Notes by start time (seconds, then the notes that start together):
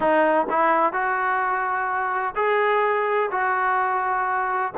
0.00 D#4
0.49 E4
0.92 F#4
2.35 G#4
3.31 F#4